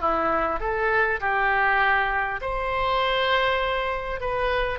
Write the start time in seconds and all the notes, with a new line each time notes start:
0.00 E4
0.60 A4
1.20 G4
2.41 C5
4.20 B4